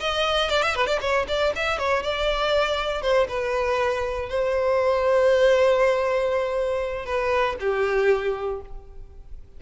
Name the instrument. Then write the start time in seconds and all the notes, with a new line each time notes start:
violin
0.00 D#5
0.50 D5
0.63 E5
0.75 B4
0.87 D5
1.01 C#5
1.28 D5
1.56 E5
1.79 C#5
2.03 D5
3.02 C5
3.28 B4
4.29 C5
7.06 B4
7.60 G4